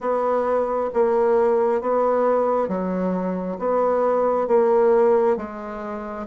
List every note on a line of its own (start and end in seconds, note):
0.00 0.90 B3
0.93 1.81 A#3
1.81 2.68 B3
2.68 3.57 F#3
3.58 4.47 B3
4.47 5.36 A#3
5.36 6.26 G#3